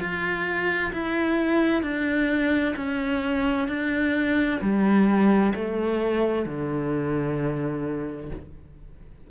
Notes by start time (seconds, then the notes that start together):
0.00 F4
0.93 E4
1.83 D4
2.76 C#4
3.68 D4
4.61 G3
5.55 A3
6.46 D3